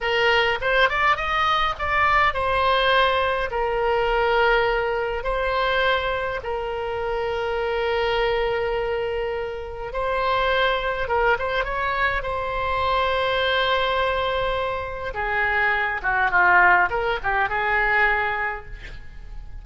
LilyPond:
\new Staff \with { instrumentName = "oboe" } { \time 4/4 \tempo 4 = 103 ais'4 c''8 d''8 dis''4 d''4 | c''2 ais'2~ | ais'4 c''2 ais'4~ | ais'1~ |
ais'4 c''2 ais'8 c''8 | cis''4 c''2.~ | c''2 gis'4. fis'8 | f'4 ais'8 g'8 gis'2 | }